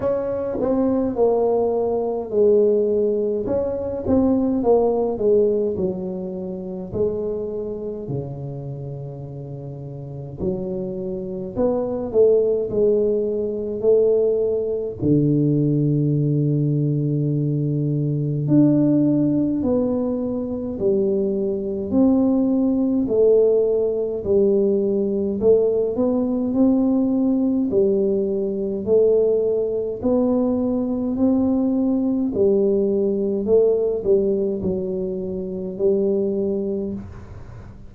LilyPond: \new Staff \with { instrumentName = "tuba" } { \time 4/4 \tempo 4 = 52 cis'8 c'8 ais4 gis4 cis'8 c'8 | ais8 gis8 fis4 gis4 cis4~ | cis4 fis4 b8 a8 gis4 | a4 d2. |
d'4 b4 g4 c'4 | a4 g4 a8 b8 c'4 | g4 a4 b4 c'4 | g4 a8 g8 fis4 g4 | }